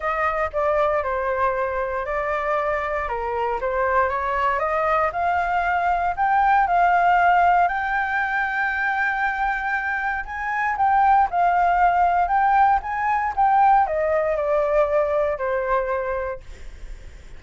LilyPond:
\new Staff \with { instrumentName = "flute" } { \time 4/4 \tempo 4 = 117 dis''4 d''4 c''2 | d''2 ais'4 c''4 | cis''4 dis''4 f''2 | g''4 f''2 g''4~ |
g''1 | gis''4 g''4 f''2 | g''4 gis''4 g''4 dis''4 | d''2 c''2 | }